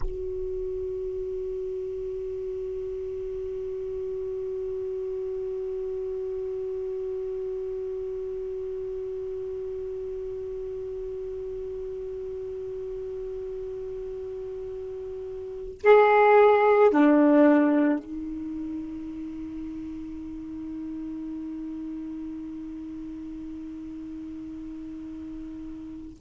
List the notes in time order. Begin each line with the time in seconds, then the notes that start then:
0.00 F#4
15.83 G#4
16.90 D4
17.99 D#4